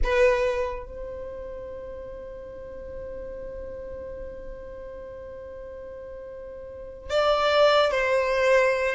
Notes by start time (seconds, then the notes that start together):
0.03 B4
0.85 C5
7.10 D5
7.91 C5